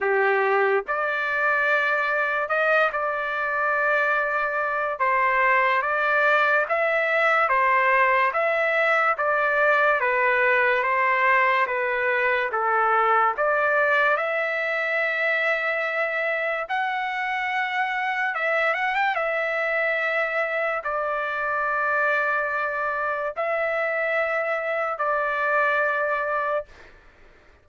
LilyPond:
\new Staff \with { instrumentName = "trumpet" } { \time 4/4 \tempo 4 = 72 g'4 d''2 dis''8 d''8~ | d''2 c''4 d''4 | e''4 c''4 e''4 d''4 | b'4 c''4 b'4 a'4 |
d''4 e''2. | fis''2 e''8 fis''16 g''16 e''4~ | e''4 d''2. | e''2 d''2 | }